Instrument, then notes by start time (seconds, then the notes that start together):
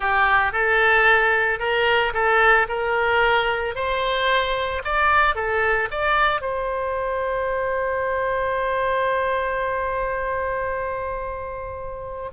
oboe
0.00 G4
0.52 A4
1.59 A#4
2.13 A4
2.68 A#4
3.75 C5
4.84 D5
5.35 A4
5.91 D5
6.41 C5